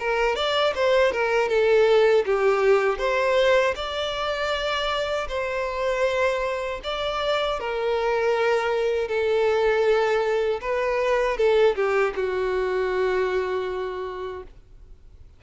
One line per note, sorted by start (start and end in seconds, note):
0.00 0.36 A#4
0.36 0.74 D5
0.76 1.13 C5
1.13 1.49 A#4
1.49 2.25 A4
2.26 2.99 G4
2.99 3.75 C5
3.76 5.28 D5
5.29 6.81 C5
6.84 7.60 D5
7.60 9.09 A#4
9.09 10.61 A4
10.62 11.38 B4
11.38 11.75 A4
11.76 12.14 G4
12.16 14.44 F#4